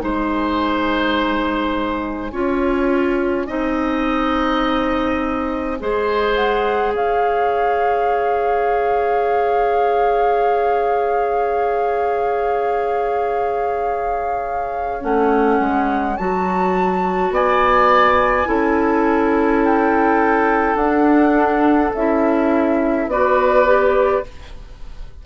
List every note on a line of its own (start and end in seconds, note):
0.00 2.32 G#3
0.00 2.31 D#4
0.00 2.32 C5
0.00 6.35 G#5
2.32 3.47 C#4
2.32 3.47 F4
2.32 3.47 C#5
3.47 5.80 C4
3.47 5.78 D#4
3.47 5.78 D#5
5.79 6.94 G#3
5.79 15.01 G#4
5.79 6.95 C5
6.35 6.93 F#5
6.94 15.01 C#4
6.94 17.33 C#5
6.94 15.03 F5
15.01 15.60 A3
15.01 16.16 C#4
15.01 16.17 F#5
15.60 16.18 G#3
16.17 17.31 F#3
16.17 18.46 F#4
16.17 17.32 A5
17.31 18.46 B3
17.31 18.49 D5
17.31 19.65 G#5
18.46 20.75 C#4
18.46 20.76 E4
18.46 23.10 A4
19.65 20.76 G5
20.75 21.91 D4
20.75 21.95 D4
20.75 21.92 F#5
21.95 23.07 C#4
21.95 23.12 E4
21.95 23.10 E5
23.07 24.22 B3
23.07 23.66 F#4
23.07 24.26 B4
23.07 24.25 D5
23.66 24.24 G4